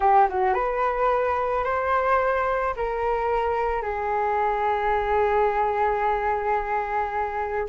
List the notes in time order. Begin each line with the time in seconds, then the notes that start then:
0.00 G4
0.29 F#4
0.54 B4
1.64 C5
2.76 A#4
3.81 G#4